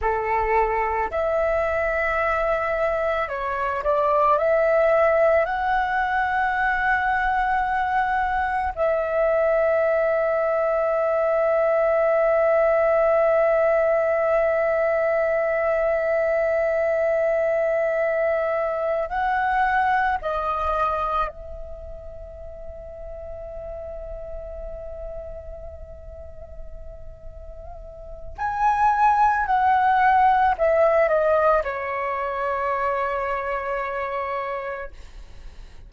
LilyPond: \new Staff \with { instrumentName = "flute" } { \time 4/4 \tempo 4 = 55 a'4 e''2 cis''8 d''8 | e''4 fis''2. | e''1~ | e''1~ |
e''4. fis''4 dis''4 e''8~ | e''1~ | e''2 gis''4 fis''4 | e''8 dis''8 cis''2. | }